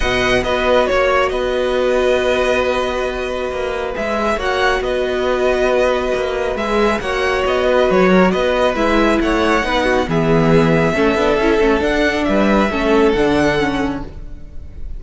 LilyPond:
<<
  \new Staff \with { instrumentName = "violin" } { \time 4/4 \tempo 4 = 137 fis''4 dis''4 cis''4 dis''4~ | dis''1~ | dis''4 e''4 fis''4 dis''4~ | dis''2. e''4 |
fis''4 dis''4 cis''4 dis''4 | e''4 fis''2 e''4~ | e''2. fis''4 | e''2 fis''2 | }
  \new Staff \with { instrumentName = "violin" } { \time 4/4 dis''4 b'4 cis''4 b'4~ | b'1~ | b'2 cis''4 b'4~ | b'1 |
cis''4. b'4 ais'8 b'4~ | b'4 cis''4 b'8 fis'8 gis'4~ | gis'4 a'2. | b'4 a'2. | }
  \new Staff \with { instrumentName = "viola" } { \time 4/4 b'4 fis'2.~ | fis'1~ | fis'4 gis'4 fis'2~ | fis'2. gis'4 |
fis'1 | e'2 dis'4 b4~ | b4 cis'8 d'8 e'8 cis'8 d'4~ | d'4 cis'4 d'4 cis'4 | }
  \new Staff \with { instrumentName = "cello" } { \time 4/4 b,4 b4 ais4 b4~ | b1 | ais4 gis4 ais4 b4~ | b2 ais4 gis4 |
ais4 b4 fis4 b4 | gis4 a4 b4 e4~ | e4 a8 b8 cis'8 a8 d'4 | g4 a4 d2 | }
>>